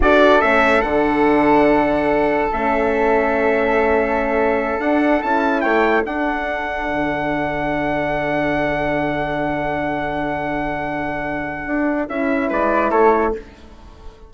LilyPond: <<
  \new Staff \with { instrumentName = "trumpet" } { \time 4/4 \tempo 4 = 144 d''4 e''4 fis''2~ | fis''2 e''2~ | e''2.~ e''8 fis''8~ | fis''8 a''4 g''4 fis''4.~ |
fis''1~ | fis''1~ | fis''1~ | fis''4 e''4 d''4 cis''4 | }
  \new Staff \with { instrumentName = "flute" } { \time 4/4 a'1~ | a'1~ | a'1~ | a'4. cis''4 a'4.~ |
a'1~ | a'1~ | a'1~ | a'2 b'4 a'4 | }
  \new Staff \with { instrumentName = "horn" } { \time 4/4 fis'4 cis'4 d'2~ | d'2 cis'2~ | cis'2.~ cis'8 d'8~ | d'8 e'2 d'4.~ |
d'1~ | d'1~ | d'1~ | d'4 e'2. | }
  \new Staff \with { instrumentName = "bassoon" } { \time 4/4 d'4 a4 d2~ | d2 a2~ | a2.~ a8 d'8~ | d'8 cis'4 a4 d'4.~ |
d'8 d2.~ d8~ | d1~ | d1 | d'4 cis'4 gis4 a4 | }
>>